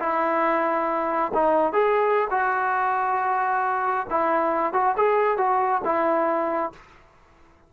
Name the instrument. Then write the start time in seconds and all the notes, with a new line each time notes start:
trombone
0.00 E4
1.35 D#4
1.73 G#4
2.31 F#4
4.10 E4
4.74 F#4
4.97 G#4
5.38 F#4
5.85 E4